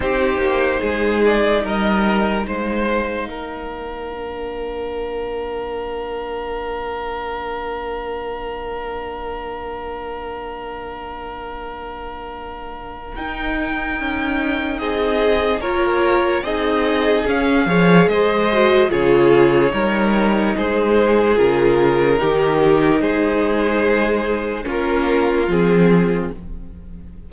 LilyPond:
<<
  \new Staff \with { instrumentName = "violin" } { \time 4/4 \tempo 4 = 73 c''4. d''8 dis''4 f''4~ | f''1~ | f''1~ | f''1 |
g''2 dis''4 cis''4 | dis''4 f''4 dis''4 cis''4~ | cis''4 c''4 ais'2 | c''2 ais'4 gis'4 | }
  \new Staff \with { instrumentName = "violin" } { \time 4/4 g'4 gis'4 ais'4 c''4 | ais'1~ | ais'1~ | ais'1~ |
ais'2 gis'4 ais'4 | gis'4. cis''8 c''4 gis'4 | ais'4 gis'2 g'4 | gis'2 f'2 | }
  \new Staff \with { instrumentName = "viola" } { \time 4/4 dis'1~ | dis'4 d'2.~ | d'1~ | d'1 |
dis'2. f'4 | dis'4 cis'8 gis'4 fis'8 f'4 | dis'2 f'4 dis'4~ | dis'2 cis'4 c'4 | }
  \new Staff \with { instrumentName = "cello" } { \time 4/4 c'8 ais8 gis4 g4 gis4 | ais1~ | ais1~ | ais1 |
dis'4 cis'4 c'4 ais4 | c'4 cis'8 f8 gis4 cis4 | g4 gis4 cis4 dis4 | gis2 ais4 f4 | }
>>